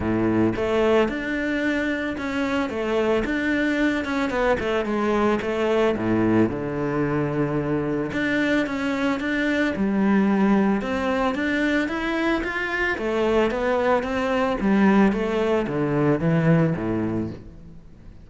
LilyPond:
\new Staff \with { instrumentName = "cello" } { \time 4/4 \tempo 4 = 111 a,4 a4 d'2 | cis'4 a4 d'4. cis'8 | b8 a8 gis4 a4 a,4 | d2. d'4 |
cis'4 d'4 g2 | c'4 d'4 e'4 f'4 | a4 b4 c'4 g4 | a4 d4 e4 a,4 | }